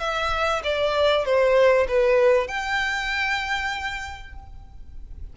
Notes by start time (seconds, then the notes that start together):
0.00 E5
0.63 D5
1.25 C5
1.88 B4
2.47 G5